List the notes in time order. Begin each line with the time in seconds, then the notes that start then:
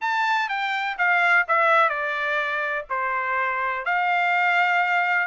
0.01 A5
0.48 G5
0.98 F5
1.47 E5
1.89 D5
2.89 C5
3.85 F5